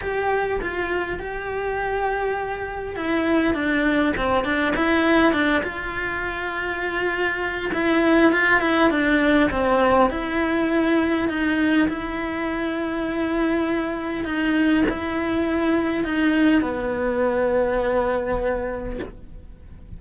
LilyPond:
\new Staff \with { instrumentName = "cello" } { \time 4/4 \tempo 4 = 101 g'4 f'4 g'2~ | g'4 e'4 d'4 c'8 d'8 | e'4 d'8 f'2~ f'8~ | f'4 e'4 f'8 e'8 d'4 |
c'4 e'2 dis'4 | e'1 | dis'4 e'2 dis'4 | b1 | }